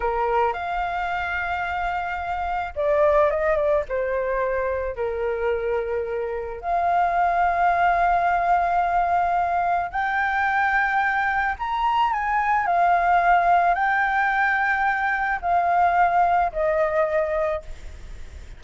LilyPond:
\new Staff \with { instrumentName = "flute" } { \time 4/4 \tempo 4 = 109 ais'4 f''2.~ | f''4 d''4 dis''8 d''8 c''4~ | c''4 ais'2. | f''1~ |
f''2 g''2~ | g''4 ais''4 gis''4 f''4~ | f''4 g''2. | f''2 dis''2 | }